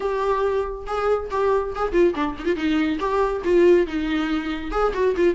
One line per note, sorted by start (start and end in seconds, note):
0.00 0.85 G4
0.86 1.29 G#4
1.30 1.73 G4
1.75 1.92 G#4
1.92 2.14 F4
2.14 2.36 D4
2.38 2.45 D#4
2.45 2.56 F4
2.56 2.98 D#4
2.99 3.42 G4
3.44 3.86 F4
3.86 4.71 D#4
4.71 4.92 G#4
4.93 5.15 F#4
5.16 5.35 F4